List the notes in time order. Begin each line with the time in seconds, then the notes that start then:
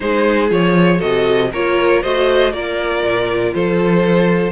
0.00 G#3 D#4 G#4 C5
0.49 F3 F4 C#5
0.98 C3 F#4 A4 D#5
1.52 A#3 F4 A#4 C#5
2.02 A3 F#4 C5 D#5
2.52 A#3 F4 A#4 D5
3.02 A#2
3.54 F3 A4 C5